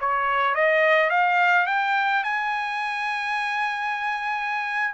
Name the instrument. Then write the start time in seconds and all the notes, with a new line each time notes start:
trumpet
0.00 C#5
0.55 D#5
1.10 F5
1.66 G5
2.24 G#5